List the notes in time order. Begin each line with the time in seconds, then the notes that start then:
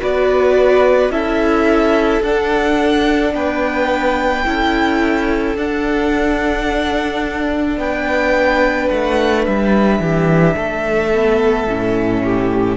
0.00 B3 F#4 B4 D5
1.09 C#4 E4 A4 E5
2.22 D4 F#5
3.33 B3 B4 G5
4.45 C#4 E4 A4
5.56 D4 F#5
7.77 B3 B4 G5
8.88 A3 F#5
9.45 G3 E5
9.99 E3 G4
10.56 A3 A4
11.12 B3
11.66 A2 C#4
12.23 G4